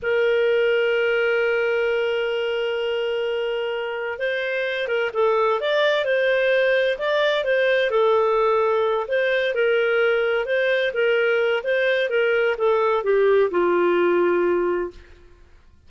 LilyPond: \new Staff \with { instrumentName = "clarinet" } { \time 4/4 \tempo 4 = 129 ais'1~ | ais'1~ | ais'4 c''4. ais'8 a'4 | d''4 c''2 d''4 |
c''4 a'2~ a'8 c''8~ | c''8 ais'2 c''4 ais'8~ | ais'4 c''4 ais'4 a'4 | g'4 f'2. | }